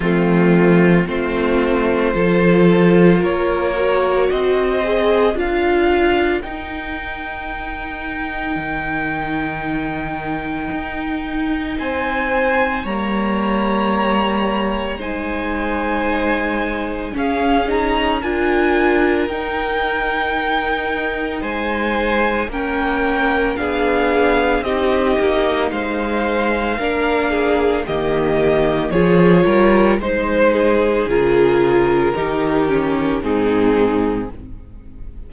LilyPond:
<<
  \new Staff \with { instrumentName = "violin" } { \time 4/4 \tempo 4 = 56 f'4 c''2 cis''4 | dis''4 f''4 g''2~ | g''2. gis''4 | ais''2 gis''2 |
f''8 ais''8 gis''4 g''2 | gis''4 g''4 f''4 dis''4 | f''2 dis''4 cis''4 | c''4 ais'2 gis'4 | }
  \new Staff \with { instrumentName = "violin" } { \time 4/4 c'4 f'4 a'4 ais'4 | c''4 ais'2.~ | ais'2. c''4 | cis''2 c''2 |
gis'4 ais'2. | c''4 ais'4 gis'4 g'4 | c''4 ais'8 gis'8 g'4 gis'8 ais'8 | c''8 gis'4. g'4 dis'4 | }
  \new Staff \with { instrumentName = "viola" } { \time 4/4 a4 c'4 f'4. fis'8~ | fis'8 gis'8 f'4 dis'2~ | dis'1 | ais2 dis'2 |
cis'8 dis'8 f'4 dis'2~ | dis'4 cis'4 d'4 dis'4~ | dis'4 d'4 ais4 f'4 | dis'4 f'4 dis'8 cis'8 c'4 | }
  \new Staff \with { instrumentName = "cello" } { \time 4/4 f4 a4 f4 ais4 | c'4 d'4 dis'2 | dis2 dis'4 c'4 | g2 gis2 |
cis'4 d'4 dis'2 | gis4 ais4 b4 c'8 ais8 | gis4 ais4 dis4 f8 g8 | gis4 cis4 dis4 gis,4 | }
>>